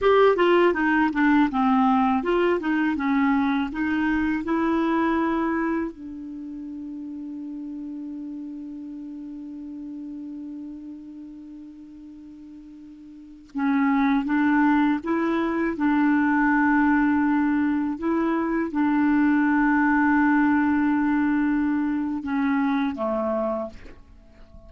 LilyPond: \new Staff \with { instrumentName = "clarinet" } { \time 4/4 \tempo 4 = 81 g'8 f'8 dis'8 d'8 c'4 f'8 dis'8 | cis'4 dis'4 e'2 | d'1~ | d'1~ |
d'2~ d'16 cis'4 d'8.~ | d'16 e'4 d'2~ d'8.~ | d'16 e'4 d'2~ d'8.~ | d'2 cis'4 a4 | }